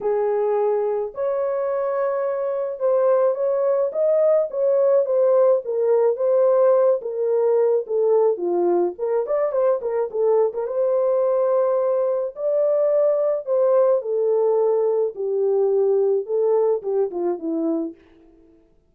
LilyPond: \new Staff \with { instrumentName = "horn" } { \time 4/4 \tempo 4 = 107 gis'2 cis''2~ | cis''4 c''4 cis''4 dis''4 | cis''4 c''4 ais'4 c''4~ | c''8 ais'4. a'4 f'4 |
ais'8 d''8 c''8 ais'8 a'8. ais'16 c''4~ | c''2 d''2 | c''4 a'2 g'4~ | g'4 a'4 g'8 f'8 e'4 | }